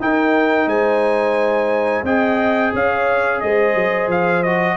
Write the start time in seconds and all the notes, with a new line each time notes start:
0.00 D#4 A#4 G5
0.66 G#3 C5 G#5
2.03 C4 G#4 D#5 G5
2.74 C#4 C#5 F5
3.40 G#3 C5 D#5
3.75 F#3
4.08 F3 F5
4.43 F#4 D#5